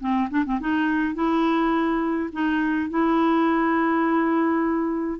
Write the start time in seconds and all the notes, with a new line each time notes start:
0.00 C4
0.30 D4
0.45 C4
0.60 D#4
1.15 E4
2.33 D#4
2.90 E4